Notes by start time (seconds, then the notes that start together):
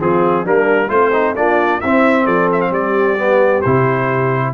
0.00 F3 C4 F4 G#4
0.44 G3 A#3 D4 A#4
0.88 A3 C4 F4 C5
1.12 D#4
1.35 A#3 D4 F4 D5
1.79 C4 E4 E5
2.23 F3 A4 D5
2.52 E5
2.61 F5
2.70 G3 G4 D5
3.18 B3
3.61 C3 E4 C5